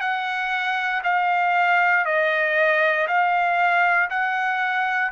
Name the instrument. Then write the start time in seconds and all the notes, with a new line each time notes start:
trumpet
0.00 F#5
1.04 F5
2.05 D#5
3.07 F5
4.10 F#5